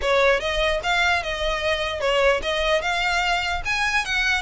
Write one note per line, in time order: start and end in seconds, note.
0.01 0.40 C#5
0.40 0.80 D#5
0.83 1.23 F5
1.23 2.00 D#5
2.00 2.41 C#5
2.42 2.81 D#5
2.81 3.62 F5
3.65 4.05 G#5
4.05 4.41 F#5